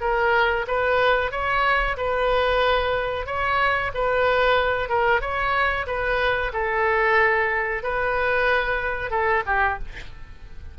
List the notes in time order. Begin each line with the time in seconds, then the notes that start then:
0.00 A#4
0.67 B4
1.31 C#5
1.97 B4
3.26 C#5
3.94 B4
4.89 A#4
5.21 C#5
5.86 B4
6.52 A4
7.83 B4
9.10 A4
9.46 G4